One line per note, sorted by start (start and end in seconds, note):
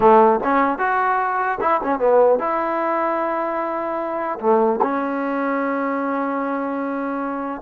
0.00 0.40 A3
0.43 0.78 C#4
0.78 1.58 F#4
1.61 1.81 E4
1.83 1.99 C#4
1.99 2.39 B3
2.39 4.39 E4
4.40 4.80 A3
4.82 7.61 C#4